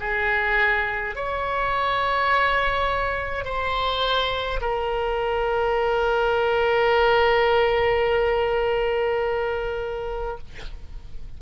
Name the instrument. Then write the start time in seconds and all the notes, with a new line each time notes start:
oboe
0.00 G#4
1.15 C#5
3.45 C5
4.61 A#4